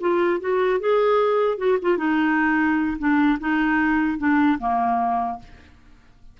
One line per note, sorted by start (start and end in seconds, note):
0.00 0.40 F4
0.40 0.79 F#4
0.79 1.57 G#4
1.57 1.77 F#4
1.81 1.97 F4
1.97 2.97 D#4
2.98 3.38 D4
3.39 4.18 D#4
4.18 4.58 D4
4.59 5.39 A#3